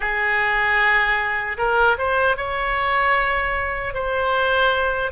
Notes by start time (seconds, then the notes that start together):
0.00 G#4
1.57 A#4
1.97 C5
2.36 C#5
3.94 C5